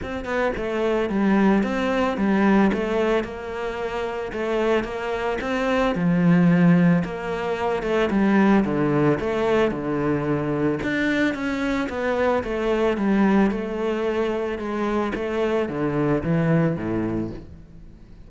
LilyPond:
\new Staff \with { instrumentName = "cello" } { \time 4/4 \tempo 4 = 111 c'8 b8 a4 g4 c'4 | g4 a4 ais2 | a4 ais4 c'4 f4~ | f4 ais4. a8 g4 |
d4 a4 d2 | d'4 cis'4 b4 a4 | g4 a2 gis4 | a4 d4 e4 a,4 | }